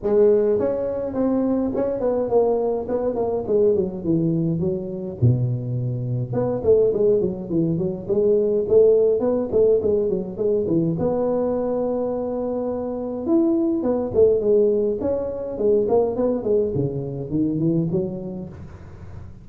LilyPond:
\new Staff \with { instrumentName = "tuba" } { \time 4/4 \tempo 4 = 104 gis4 cis'4 c'4 cis'8 b8 | ais4 b8 ais8 gis8 fis8 e4 | fis4 b,2 b8 a8 | gis8 fis8 e8 fis8 gis4 a4 |
b8 a8 gis8 fis8 gis8 e8 b4~ | b2. e'4 | b8 a8 gis4 cis'4 gis8 ais8 | b8 gis8 cis4 dis8 e8 fis4 | }